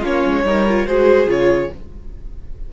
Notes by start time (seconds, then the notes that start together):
0.00 A#3 C#4 F4 C#5
0.26 G#3
0.44 G3 D#4 A#4
0.68 F4
0.87 G#3 F#4 G#4 C5
1.27 C#3 F4 C#5